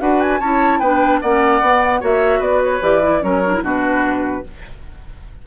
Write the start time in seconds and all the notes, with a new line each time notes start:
0.00 D4 F#4 B4 F#5
0.21 G#5
0.40 C#4 E4 C#5 A5
0.80 B3 D4 B4 G5
1.22 A#3 C#4 D5 F#5
1.62 B3
2.01 A#3 F#4 C#5 E5
2.40 B3 B4 D5
2.64 C#5
2.82 E3 G4 D5
3.03 E4
3.22 F#3 C#4 A#4 C#5
3.46 D4
3.54 E4
3.62 B2 D4 F#4 B4